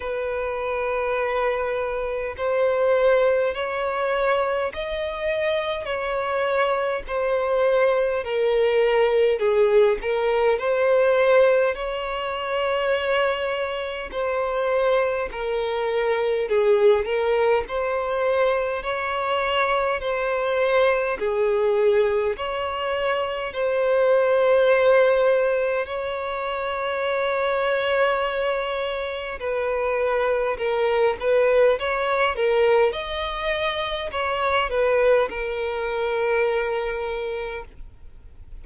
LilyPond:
\new Staff \with { instrumentName = "violin" } { \time 4/4 \tempo 4 = 51 b'2 c''4 cis''4 | dis''4 cis''4 c''4 ais'4 | gis'8 ais'8 c''4 cis''2 | c''4 ais'4 gis'8 ais'8 c''4 |
cis''4 c''4 gis'4 cis''4 | c''2 cis''2~ | cis''4 b'4 ais'8 b'8 cis''8 ais'8 | dis''4 cis''8 b'8 ais'2 | }